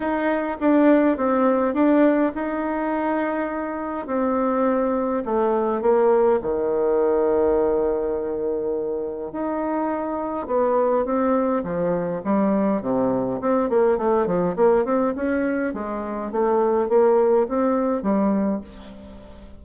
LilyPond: \new Staff \with { instrumentName = "bassoon" } { \time 4/4 \tempo 4 = 103 dis'4 d'4 c'4 d'4 | dis'2. c'4~ | c'4 a4 ais4 dis4~ | dis1 |
dis'2 b4 c'4 | f4 g4 c4 c'8 ais8 | a8 f8 ais8 c'8 cis'4 gis4 | a4 ais4 c'4 g4 | }